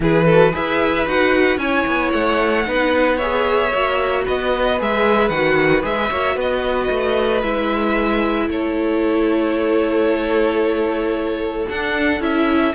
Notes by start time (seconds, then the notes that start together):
0.00 E3 E4 G#4 B4
0.25 F#4 A4
0.52 E4 G#4 B4 E5
1.05 D#4 F#4 F#5
1.57 C#4 E4 C#5 G#5
1.86 B3
2.11 A3 F#5
2.65 B3 D#4 B4
3.17 G#4 C#5 E5
3.71 A#3 F#4
4.25 B3 B4 D#5
4.78 G#3 G#4 E5
5.28 D#3 F#4 F#5
5.82 G#3 G#4 E5
6.11 A#3 F#4 C#5
6.35 B3 B4 D#5
6.89 A3
7.42 G#3 E4 E5
8.48 A3 A4 C#5
11.69 D4 F#5
12.20 C#4 E4 E5